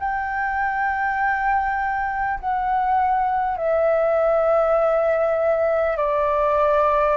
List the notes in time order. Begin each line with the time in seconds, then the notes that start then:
0.00 G5
2.41 F#5
3.58 E5
5.97 D5